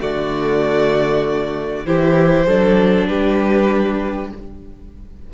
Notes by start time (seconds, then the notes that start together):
0.00 D3 A3 F#4 D5
1.86 E3 E4 G4 C5
2.46 F#3 D4 A4
3.07 G3 G4 B4